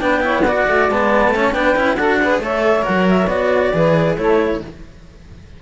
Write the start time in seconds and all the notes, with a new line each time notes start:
0.00 B3 D4 B4 G5
0.21 E4 C#5
0.42 F#4 D5 F#5
0.67 A3
0.90 G#3 B3 A5
1.28 A3 C#5
1.35 C#4
1.52 B3 D4 B4 G5
1.76 C#4 E4
1.96 D4 F#4 A4 F#5
2.22 G#4 B4
2.39 A3 A4 C#5 E5
2.82 A#4 F#5
2.89 F#3
3.09 E5
3.27 B3 F#4 D5
3.74 E3 G#4 B4
4.17 A3 E4 A4 C#5